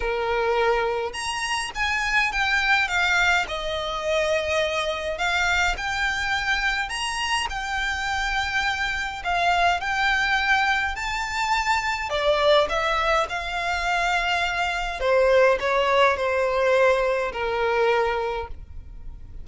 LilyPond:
\new Staff \with { instrumentName = "violin" } { \time 4/4 \tempo 4 = 104 ais'2 ais''4 gis''4 | g''4 f''4 dis''2~ | dis''4 f''4 g''2 | ais''4 g''2. |
f''4 g''2 a''4~ | a''4 d''4 e''4 f''4~ | f''2 c''4 cis''4 | c''2 ais'2 | }